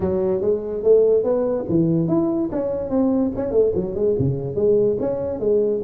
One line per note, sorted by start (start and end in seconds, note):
0.00 0.41 F#3
0.41 0.83 G#3
0.83 1.23 A3
1.23 1.65 B3
1.68 2.08 E3
2.08 2.49 E4
2.52 2.89 C#4
2.89 3.31 C4
3.36 3.51 C#4
3.51 3.72 A3
3.75 3.94 F#3
3.94 4.15 G#3
4.18 4.55 C#3
4.55 4.97 G#3
4.99 5.39 C#4
5.39 5.81 G#3